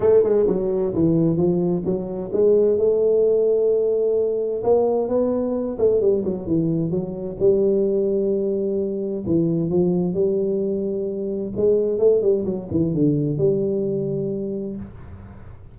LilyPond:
\new Staff \with { instrumentName = "tuba" } { \time 4/4 \tempo 4 = 130 a8 gis8 fis4 e4 f4 | fis4 gis4 a2~ | a2 ais4 b4~ | b8 a8 g8 fis8 e4 fis4 |
g1 | e4 f4 g2~ | g4 gis4 a8 g8 fis8 e8 | d4 g2. | }